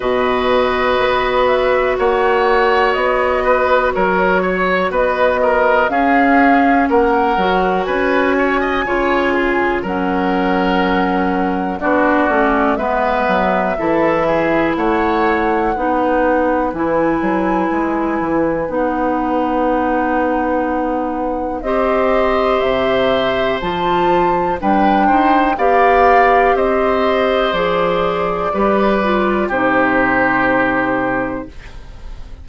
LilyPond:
<<
  \new Staff \with { instrumentName = "flute" } { \time 4/4 \tempo 4 = 61 dis''4. e''8 fis''4 dis''4 | cis''4 dis''4 f''4 fis''4 | gis''2 fis''2 | d''4 e''2 fis''4~ |
fis''4 gis''2 fis''4~ | fis''2 dis''4 e''4 | a''4 g''4 f''4 dis''4 | d''2 c''2 | }
  \new Staff \with { instrumentName = "oboe" } { \time 4/4 b'2 cis''4. b'8 | ais'8 cis''8 b'8 ais'8 gis'4 ais'4 | b'8 cis''16 dis''16 cis''8 gis'8 ais'2 | fis'4 b'4 a'8 gis'8 cis''4 |
b'1~ | b'2 c''2~ | c''4 b'8 c''8 d''4 c''4~ | c''4 b'4 g'2 | }
  \new Staff \with { instrumentName = "clarinet" } { \time 4/4 fis'1~ | fis'2 cis'4. fis'8~ | fis'4 f'4 cis'2 | d'8 cis'8 b4 e'2 |
dis'4 e'2 dis'4~ | dis'2 g'2 | f'4 d'4 g'2 | gis'4 g'8 f'8 dis'2 | }
  \new Staff \with { instrumentName = "bassoon" } { \time 4/4 b,4 b4 ais4 b4 | fis4 b4 cis'4 ais8 fis8 | cis'4 cis4 fis2 | b8 a8 gis8 fis8 e4 a4 |
b4 e8 fis8 gis8 e8 b4~ | b2 c'4 c4 | f4 g8 dis'8 b4 c'4 | f4 g4 c2 | }
>>